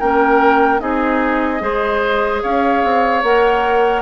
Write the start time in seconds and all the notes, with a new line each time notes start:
0.00 A#3 C#4 A#4 G5
0.80 C4 D#4 G#4 D#5
1.60 G#3 G#4 C5
2.43 C#4 C#5 F5
2.84 C4
3.23 A#3 A#4 F#5